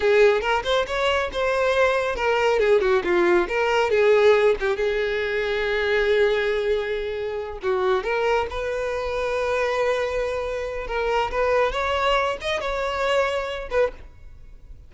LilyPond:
\new Staff \with { instrumentName = "violin" } { \time 4/4 \tempo 4 = 138 gis'4 ais'8 c''8 cis''4 c''4~ | c''4 ais'4 gis'8 fis'8 f'4 | ais'4 gis'4. g'8 gis'4~ | gis'1~ |
gis'4. fis'4 ais'4 b'8~ | b'1~ | b'4 ais'4 b'4 cis''4~ | cis''8 dis''8 cis''2~ cis''8 b'8 | }